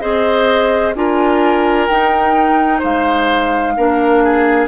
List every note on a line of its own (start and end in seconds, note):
0.00 0.95 C4
0.00 0.94 G#4
0.00 0.95 C5
0.00 0.94 D#5
0.95 1.88 D4
0.95 1.89 F4
0.95 2.79 A#4
0.95 1.87 G#5
1.87 2.83 D#4
1.87 3.77 D#4
1.87 2.81 G5
2.79 3.77 G#3
2.79 3.73 C5
2.79 4.68 F5
3.77 4.68 A#3
3.77 4.68 D4
3.77 4.24 A#4
4.24 4.68 G#4